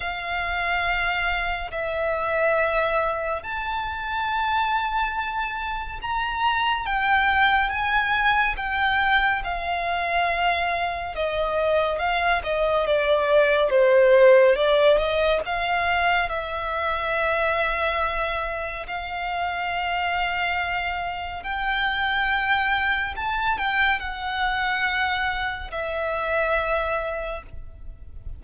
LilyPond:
\new Staff \with { instrumentName = "violin" } { \time 4/4 \tempo 4 = 70 f''2 e''2 | a''2. ais''4 | g''4 gis''4 g''4 f''4~ | f''4 dis''4 f''8 dis''8 d''4 |
c''4 d''8 dis''8 f''4 e''4~ | e''2 f''2~ | f''4 g''2 a''8 g''8 | fis''2 e''2 | }